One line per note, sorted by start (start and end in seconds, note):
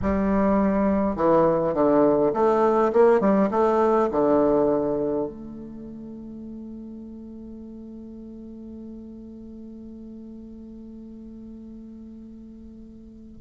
0.02 1.15 G3
1.15 1.74 E3
1.74 2.32 D3
2.33 2.92 A3
2.92 3.20 A#3
3.20 3.49 G3
3.51 4.09 A3
4.11 5.27 D3
5.27 13.40 A3